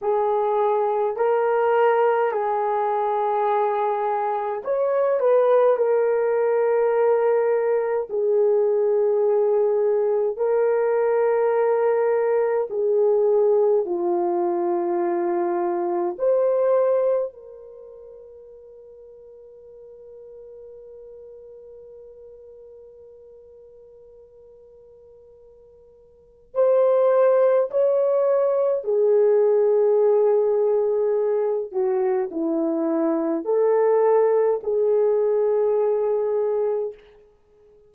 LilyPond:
\new Staff \with { instrumentName = "horn" } { \time 4/4 \tempo 4 = 52 gis'4 ais'4 gis'2 | cis''8 b'8 ais'2 gis'4~ | gis'4 ais'2 gis'4 | f'2 c''4 ais'4~ |
ais'1~ | ais'2. c''4 | cis''4 gis'2~ gis'8 fis'8 | e'4 a'4 gis'2 | }